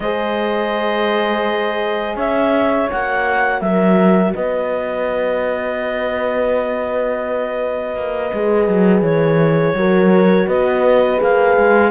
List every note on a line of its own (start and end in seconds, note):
0.00 2.15 G#3
0.00 2.91 G#4
0.00 2.16 C5
0.00 2.17 D#5
2.16 2.88 C#4
2.16 3.60 C#5
2.16 2.90 E5
2.91 3.61 A#3
2.91 8.33 F#4
2.91 3.60 F#5
3.60 4.33 F#3
3.60 4.34 A#4
3.60 4.33 E5
4.34 7.95 B3
4.34 9.76 B4
4.34 9.03 D#5
7.95 8.31 A#3
8.33 8.68 G#3
8.33 9.76 G#4
8.68 9.01 F#3
9.01 9.73 E3
9.01 10.47 C#5
9.74 10.46 F#3
9.74 11.17 F#4
9.74 10.46 A#4
10.46 11.19 B3
10.46 11.91 B4
10.46 11.20 D#5
11.17 11.57 A#3
11.17 11.89 G#4
11.17 11.91 F5
11.57 11.91 G#3